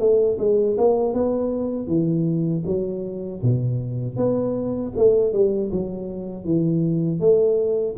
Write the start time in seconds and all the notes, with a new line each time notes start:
0.00 A3
0.39 G#3
0.78 A#3
1.14 B3
1.88 E3
2.66 F#3
3.43 B2
4.17 B3
4.97 A3
5.33 G3
5.72 F#3
6.45 E3
7.20 A3